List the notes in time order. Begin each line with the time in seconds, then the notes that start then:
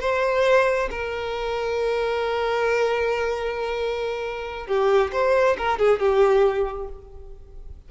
0.00 C5
0.91 A#4
4.67 G4
5.12 C5
5.58 A#4
5.79 G#4
5.99 G4